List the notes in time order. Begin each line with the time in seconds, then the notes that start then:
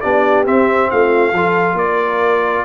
0.00 B3 D4 G4 D5
0.45 C4 E5
0.90 A3 F4 F5
1.32 F3 F4 A4
1.73 A#3 D5
1.79 A#4